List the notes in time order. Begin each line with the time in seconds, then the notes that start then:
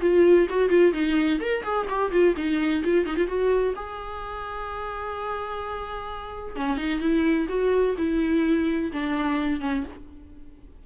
0.00 F4
0.49 F#4
0.69 F4
0.92 D#4
1.40 A#4
1.63 G#4
1.89 G4
2.11 F4
2.36 D#4
2.84 F4
3.06 D#4
3.16 F4
3.27 F#4
3.75 G#4
6.56 C#4
6.77 D#4
7.00 E4
7.49 F#4
7.98 E4
8.92 D4
9.60 C#4